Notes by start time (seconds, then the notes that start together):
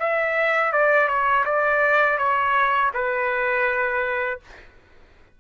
0.00 E5
0.73 D5
1.08 C#5
1.46 D5
2.19 C#5
2.94 B4